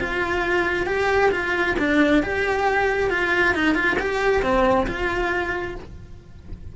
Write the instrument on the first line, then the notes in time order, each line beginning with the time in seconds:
cello
0.00 F4
0.87 G4
1.32 F4
1.79 D4
2.23 G4
3.11 F4
3.55 D#4
3.75 F4
3.99 G4
4.43 C4
4.87 F4